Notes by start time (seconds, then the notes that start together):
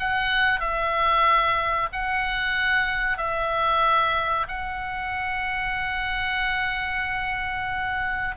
0.00 F#5
0.60 E5
1.93 F#5
3.18 E5
4.48 F#5